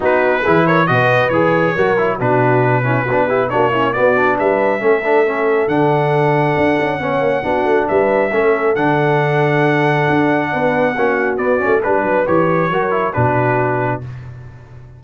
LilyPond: <<
  \new Staff \with { instrumentName = "trumpet" } { \time 4/4 \tempo 4 = 137 b'4. cis''8 dis''4 cis''4~ | cis''4 b'2. | cis''4 d''4 e''2~ | e''4 fis''2.~ |
fis''2 e''2 | fis''1~ | fis''2 d''4 b'4 | cis''2 b'2 | }
  \new Staff \with { instrumentName = "horn" } { \time 4/4 fis'4 gis'8 ais'8 b'2 | ais'4 fis'4. e'8 fis'8 g'8 | fis'8 e'8 fis'4 b'4 a'4~ | a'1 |
cis''4 fis'4 b'4 a'4~ | a'1 | b'4 fis'2 b'4~ | b'4 ais'4 fis'2 | }
  \new Staff \with { instrumentName = "trombone" } { \time 4/4 dis'4 e'4 fis'4 gis'4 | fis'8 e'8 d'4. cis'8 d'8 e'8 | d'8 cis'8 b8 d'4. cis'8 d'8 | cis'4 d'2. |
cis'4 d'2 cis'4 | d'1~ | d'4 cis'4 b8 cis'8 d'4 | g'4 fis'8 e'8 d'2 | }
  \new Staff \with { instrumentName = "tuba" } { \time 4/4 b4 e4 b,4 e4 | fis4 b,2 b4 | ais4 b4 g4 a4~ | a4 d2 d'8 cis'8 |
b8 ais8 b8 a8 g4 a4 | d2. d'4 | b4 ais4 b8 a8 g8 fis8 | e4 fis4 b,2 | }
>>